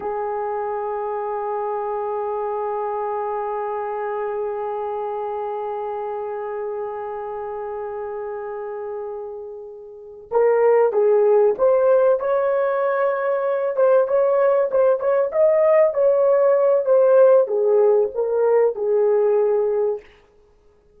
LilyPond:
\new Staff \with { instrumentName = "horn" } { \time 4/4 \tempo 4 = 96 gis'1~ | gis'1~ | gis'1~ | gis'1~ |
gis'8 ais'4 gis'4 c''4 cis''8~ | cis''2 c''8 cis''4 c''8 | cis''8 dis''4 cis''4. c''4 | gis'4 ais'4 gis'2 | }